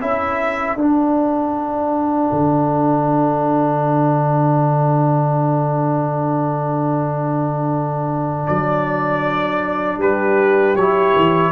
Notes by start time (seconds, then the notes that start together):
0.00 C#4 E4 A4 E5
0.75 D4 F#5
2.32 D3
8.46 F#3 D5
9.97 G3 G4 B4
10.76 F#3 E4 C#5
11.15 E3